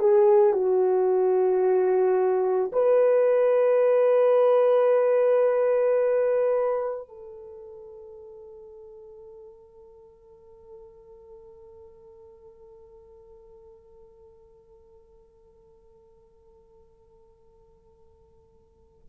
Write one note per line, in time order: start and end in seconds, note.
0.00 0.54 G#4
0.54 2.72 F#4
2.73 7.09 B4
7.09 19.09 A4